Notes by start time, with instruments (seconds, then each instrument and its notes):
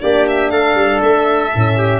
0.00 tuba A#3, horn D4, trumpet G4, violin D5
0.27 violin E5
0.49 tuba A3, trumpet A4, violin F5
0.74 tuba G3
1.01 tuba A3, violin E5
1.53 tuba A2, horn C#4
1.78 trumpet G4